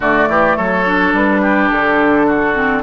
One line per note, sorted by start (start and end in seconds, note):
0.00 0.28 D3
0.00 0.85 A3
0.00 0.28 F#4
0.00 0.56 D5
0.28 0.56 E3
0.28 0.56 G4
0.56 1.13 F#3
0.56 1.41 A4
0.56 1.13 C#5
0.85 2.55 D4
1.13 1.70 G3
1.13 1.68 B4
1.41 2.26 G4
1.68 2.83 D3
1.68 2.81 A4
2.26 2.83 F#4
2.55 2.83 C4